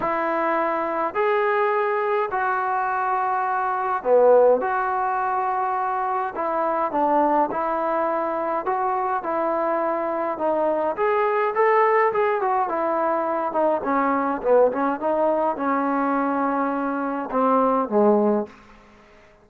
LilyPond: \new Staff \with { instrumentName = "trombone" } { \time 4/4 \tempo 4 = 104 e'2 gis'2 | fis'2. b4 | fis'2. e'4 | d'4 e'2 fis'4 |
e'2 dis'4 gis'4 | a'4 gis'8 fis'8 e'4. dis'8 | cis'4 b8 cis'8 dis'4 cis'4~ | cis'2 c'4 gis4 | }